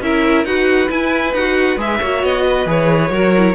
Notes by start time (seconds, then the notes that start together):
0.00 C#4 E4 A#4 E5
0.44 D#4 F#4 B4 F#5
0.88 E4 G#5
1.34 D#4 F#4 F#5
1.77 G#3 G#4 E5
2.00 A#3 F#4 C#5
2.23 B3 D#5
2.47 B4
2.66 E3 G#4 C#5
3.10 F#3 F#4 A#4
3.37 E4